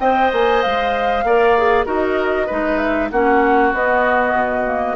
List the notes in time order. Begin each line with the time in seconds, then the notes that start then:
0.00 C4 C5 D#5 G5
0.33 A#3 G#5
0.62 G#3 F5
1.24 A#3 A#4 D5
1.58 G#4
1.85 D#4 F#4 A#4 D#5
2.47 G#3 D#4 B4
2.79 E5
3.12 A#3 C#4 F#4 F#5
3.73 B3 D#5
4.34 B2
4.65 A#3